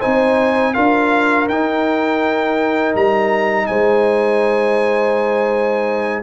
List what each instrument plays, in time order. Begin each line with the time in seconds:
0.00 tuba C4, trombone D#4, horn C5, trumpet G#5
0.74 tuba D4, trombone F4, horn A#4, trumpet F5
1.49 tuba D#4, trombone D#4, trumpet G5
2.96 tuba G3, trumpet A#5
3.67 tuba G#3, horn C5, trumpet G#5